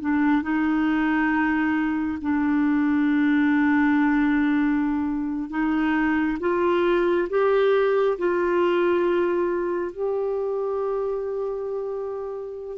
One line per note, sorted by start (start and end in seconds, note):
0.00 0.42 D4
0.42 2.18 D#4
2.21 5.49 D4
5.49 6.37 D#4
6.39 7.28 F4
7.29 8.17 G4
8.18 9.91 F4
9.91 12.77 G4